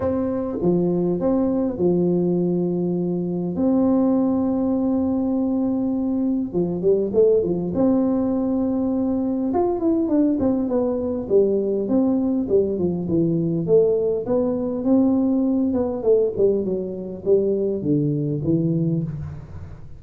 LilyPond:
\new Staff \with { instrumentName = "tuba" } { \time 4/4 \tempo 4 = 101 c'4 f4 c'4 f4~ | f2 c'2~ | c'2. f8 g8 | a8 f8 c'2. |
f'8 e'8 d'8 c'8 b4 g4 | c'4 g8 f8 e4 a4 | b4 c'4. b8 a8 g8 | fis4 g4 d4 e4 | }